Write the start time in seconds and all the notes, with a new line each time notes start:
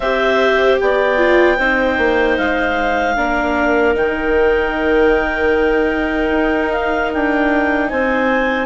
0.00 C4 G4 C5 E5
0.79 B3 D5 G5
1.17 F4
1.56 C4 D#4 C5
1.98 A#3
2.37 G#3 F5
3.16 A#3 D4 A#4
3.94 D#3 D#4 G5
6.30 D#4
6.72 F5
7.13 D4 G5
7.89 C4 C5 G#5